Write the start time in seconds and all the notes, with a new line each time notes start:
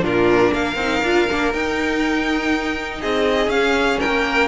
0.00 A#2 D4 F4 A#4
0.50 A#3 A#4 F5
0.75 C4 D#4
1.02 D4 F4
1.30 A#3 D4
1.53 D#4 G5
3.01 C4 G#4 D#5
3.47 C#4 F5
4.00 A#3 A#4 G5